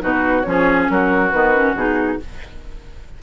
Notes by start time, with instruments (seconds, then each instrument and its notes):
0.00 bassoon B2, clarinet D#4, oboe F#4, flute B4
0.41 bassoon F3, clarinet C#4, flute C#5
0.48 oboe G#4
0.89 bassoon F#3, oboe F#4, flute A#4
1.30 bassoon D#3, clarinet B3, flute B4
1.54 clarinet C#4
1.75 bassoon B2, clarinet D#4, flute G#4